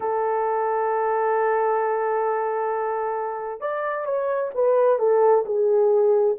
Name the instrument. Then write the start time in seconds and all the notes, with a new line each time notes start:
horn
0.00 A4
3.60 D5
4.05 C#5
4.54 B4
4.98 A4
5.45 G#4